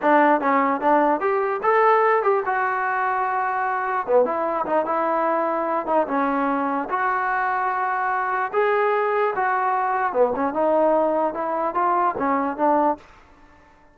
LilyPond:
\new Staff \with { instrumentName = "trombone" } { \time 4/4 \tempo 4 = 148 d'4 cis'4 d'4 g'4 | a'4. g'8 fis'2~ | fis'2 b8 e'4 dis'8 | e'2~ e'8 dis'8 cis'4~ |
cis'4 fis'2.~ | fis'4 gis'2 fis'4~ | fis'4 b8 cis'8 dis'2 | e'4 f'4 cis'4 d'4 | }